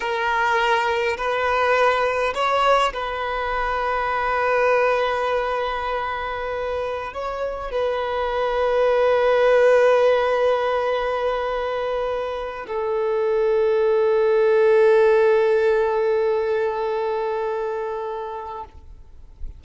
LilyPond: \new Staff \with { instrumentName = "violin" } { \time 4/4 \tempo 4 = 103 ais'2 b'2 | cis''4 b'2.~ | b'1~ | b'16 cis''4 b'2~ b'8.~ |
b'1~ | b'4.~ b'16 a'2~ a'16~ | a'1~ | a'1 | }